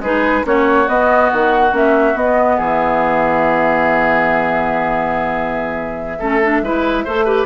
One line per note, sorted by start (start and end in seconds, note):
0.00 0.43 G#3
0.00 0.44 D#4
0.00 0.46 G#4
0.00 0.46 B4
0.44 0.88 A#3
0.44 0.87 C#4
0.44 2.57 F#4
0.44 0.89 C#5
0.88 1.31 B3
0.88 1.72 B3
0.88 1.31 D#5
1.33 1.73 D#3
1.33 1.75 F#5
1.72 2.15 A#3
1.72 2.15 C#4
1.72 2.18 E5
2.15 6.19 B3
2.15 2.58 B3
2.15 2.59 D#5
2.57 6.21 E3
2.57 6.18 G#4
2.57 7.46 E5
6.19 6.62 A3
6.19 6.42 C#4
6.19 6.62 A4
6.43 6.64 D4
6.62 7.05 G#3
6.62 7.07 E4
6.62 7.05 B4
7.05 7.46 A3
7.05 7.26 A4
7.05 7.25 C5
7.25 7.46 G4
7.25 7.46 B4